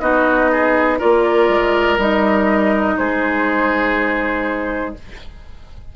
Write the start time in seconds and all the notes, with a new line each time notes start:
0.00 B3 D#4 F#4 D#5
0.52 G#4
0.99 A#3 F4 A#4 D5
1.49 G#3
1.98 G3 D#4 D#5
2.98 G#3 G#4 C5